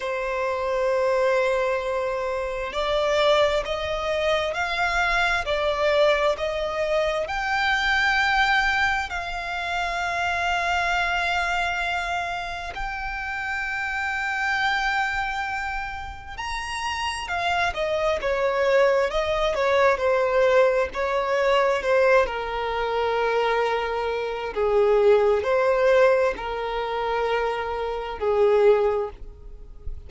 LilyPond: \new Staff \with { instrumentName = "violin" } { \time 4/4 \tempo 4 = 66 c''2. d''4 | dis''4 f''4 d''4 dis''4 | g''2 f''2~ | f''2 g''2~ |
g''2 ais''4 f''8 dis''8 | cis''4 dis''8 cis''8 c''4 cis''4 | c''8 ais'2~ ais'8 gis'4 | c''4 ais'2 gis'4 | }